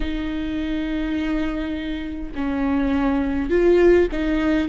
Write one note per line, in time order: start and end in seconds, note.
0.00 2.31 D#4
2.35 3.50 C#4
3.50 4.08 F4
4.11 4.68 D#4